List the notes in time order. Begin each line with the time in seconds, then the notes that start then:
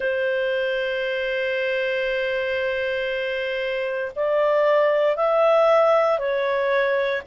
0.00 C5
4.15 D5
5.16 E5
6.18 C#5